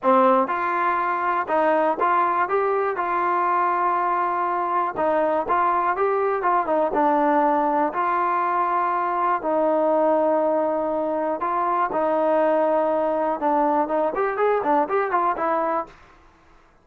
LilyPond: \new Staff \with { instrumentName = "trombone" } { \time 4/4 \tempo 4 = 121 c'4 f'2 dis'4 | f'4 g'4 f'2~ | f'2 dis'4 f'4 | g'4 f'8 dis'8 d'2 |
f'2. dis'4~ | dis'2. f'4 | dis'2. d'4 | dis'8 g'8 gis'8 d'8 g'8 f'8 e'4 | }